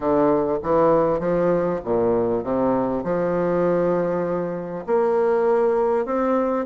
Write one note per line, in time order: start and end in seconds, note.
0.00 0.58 D3
0.63 1.19 E3
1.19 1.80 F3
1.84 2.43 A#2
2.43 3.03 C3
3.03 4.85 F3
4.86 6.05 A#3
6.05 6.66 C4